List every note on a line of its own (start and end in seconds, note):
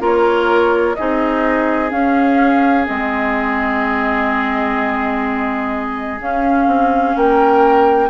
0.00 0.96 A#3
0.00 0.95 F4
0.00 0.97 A#4
0.06 0.95 C#5
0.95 1.92 C4
0.95 1.91 D#4
0.95 7.17 G#4
0.95 1.90 D#5
1.91 2.86 C#4
1.91 2.87 C#4
1.91 2.87 F5
2.86 6.21 G#3
2.86 6.19 C4
2.86 6.21 D#5
6.20 8.10 C#4
6.20 6.67 C#4
6.20 7.17 F5
6.67 7.15 C4
7.16 8.10 A#3
7.16 8.10 A#4
7.16 8.10 G5